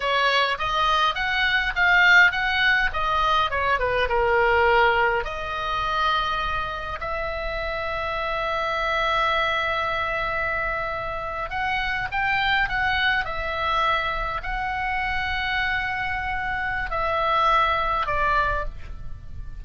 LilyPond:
\new Staff \with { instrumentName = "oboe" } { \time 4/4 \tempo 4 = 103 cis''4 dis''4 fis''4 f''4 | fis''4 dis''4 cis''8 b'8 ais'4~ | ais'4 dis''2. | e''1~ |
e''2.~ e''8. fis''16~ | fis''8. g''4 fis''4 e''4~ e''16~ | e''8. fis''2.~ fis''16~ | fis''4 e''2 d''4 | }